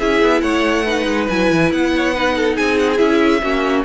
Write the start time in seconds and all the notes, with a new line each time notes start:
0.00 C#4 E4 G#4 E5
0.22 B3
0.42 A3 C#5 F#5
0.85 D#4 B4
1.07 G#3
1.29 F#3 E4 G#5
1.51 E3
1.72 B3 F#5
1.97 C#5
2.14 D#4 B4
2.37 A4
2.56 C4 G#4 G#5
2.80 F#5
2.94 E4 E5 G#5
3.01 C#4
3.42 A#3 C#4 F#4